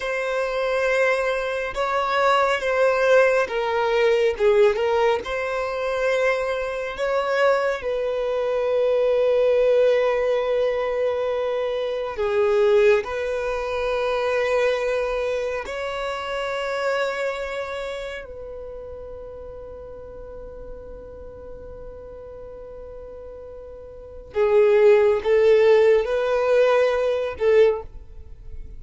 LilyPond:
\new Staff \with { instrumentName = "violin" } { \time 4/4 \tempo 4 = 69 c''2 cis''4 c''4 | ais'4 gis'8 ais'8 c''2 | cis''4 b'2.~ | b'2 gis'4 b'4~ |
b'2 cis''2~ | cis''4 b'2.~ | b'1 | gis'4 a'4 b'4. a'8 | }